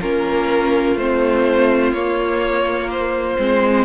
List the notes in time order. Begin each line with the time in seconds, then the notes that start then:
0.00 A#3 C#4 F4 A#4
0.95 A3 C4 C5
1.92 A#3 C#5
2.91 C5
3.38 G#3 C4